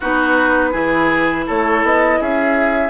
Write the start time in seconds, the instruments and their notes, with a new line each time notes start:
0.00 bassoon B3, clarinet D#4, oboe F#4, flute B4
0.71 bassoon E3, clarinet E4, oboe G#4
1.46 bassoon A3, oboe A4, flute C#5
1.83 bassoon B3, flute D#5
2.20 bassoon C#4, oboe G#4, flute E5